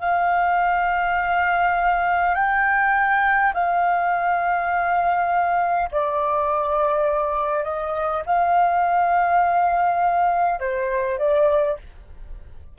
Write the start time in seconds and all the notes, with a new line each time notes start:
0.00 F5
2.35 G5
3.54 F5
5.92 D5
7.64 D#5
8.27 F5
10.60 C5
11.19 D5